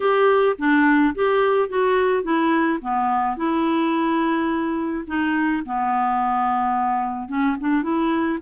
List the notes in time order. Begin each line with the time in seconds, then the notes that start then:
0.00 G4
0.58 D4
1.14 G4
1.68 F#4
2.23 E4
2.81 B3
3.36 E4
5.07 D#4
5.65 B3
7.28 C#4
7.60 D4
7.82 E4